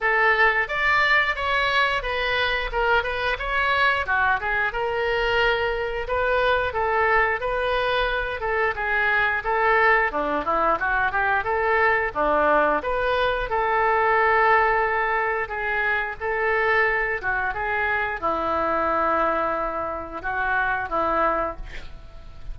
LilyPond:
\new Staff \with { instrumentName = "oboe" } { \time 4/4 \tempo 4 = 89 a'4 d''4 cis''4 b'4 | ais'8 b'8 cis''4 fis'8 gis'8 ais'4~ | ais'4 b'4 a'4 b'4~ | b'8 a'8 gis'4 a'4 d'8 e'8 |
fis'8 g'8 a'4 d'4 b'4 | a'2. gis'4 | a'4. fis'8 gis'4 e'4~ | e'2 fis'4 e'4 | }